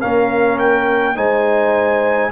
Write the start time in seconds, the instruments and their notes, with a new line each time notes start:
0.00 tuba A#3, trombone C#4, horn A#4, trumpet F5
0.59 trumpet G5
1.15 tuba G#3, trombone D#4, horn C5, trumpet G#5